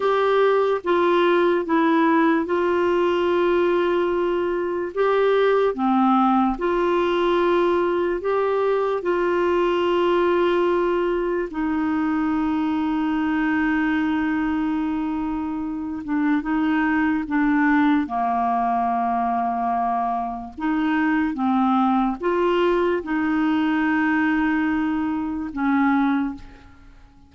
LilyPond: \new Staff \with { instrumentName = "clarinet" } { \time 4/4 \tempo 4 = 73 g'4 f'4 e'4 f'4~ | f'2 g'4 c'4 | f'2 g'4 f'4~ | f'2 dis'2~ |
dis'2.~ dis'8 d'8 | dis'4 d'4 ais2~ | ais4 dis'4 c'4 f'4 | dis'2. cis'4 | }